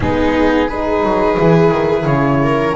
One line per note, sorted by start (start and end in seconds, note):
0.00 1.03 G#3
0.00 0.70 B3
0.00 0.68 D#4
0.00 0.69 G#4
0.68 1.37 D#4
0.68 2.40 G#4
0.68 2.06 B4
1.03 1.37 F#3
1.37 1.71 E3
1.37 2.75 E4
1.71 2.05 D#3
2.05 2.74 C#3
2.05 2.75 C#5
2.42 2.76 A#4